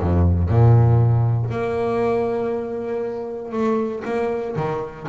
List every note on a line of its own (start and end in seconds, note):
0.00 0.49 F2
0.49 1.51 A#2
1.51 3.52 A#3
3.52 4.03 A3
4.05 4.56 A#3
4.56 5.07 D#3